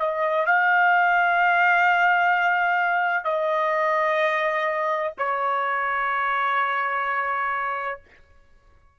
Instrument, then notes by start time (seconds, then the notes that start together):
trumpet
0.00 D#5
0.46 F5
3.25 D#5
5.18 C#5